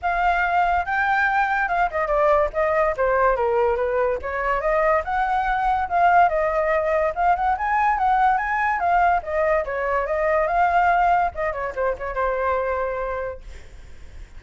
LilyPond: \new Staff \with { instrumentName = "flute" } { \time 4/4 \tempo 4 = 143 f''2 g''2 | f''8 dis''8 d''4 dis''4 c''4 | ais'4 b'4 cis''4 dis''4 | fis''2 f''4 dis''4~ |
dis''4 f''8 fis''8 gis''4 fis''4 | gis''4 f''4 dis''4 cis''4 | dis''4 f''2 dis''8 cis''8 | c''8 cis''8 c''2. | }